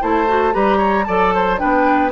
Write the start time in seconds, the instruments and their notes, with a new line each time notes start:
0.00 bassoon A3, clarinet E4, oboe C5, flute A5
0.27 clarinet F#4
0.52 bassoon G3, clarinet G4, oboe B4, flute A#5
0.77 oboe C#5
1.04 bassoon F#3, clarinet A4, oboe D5, flute A5
1.34 oboe C5
1.57 bassoon B3, clarinet D4, oboe B4, flute G5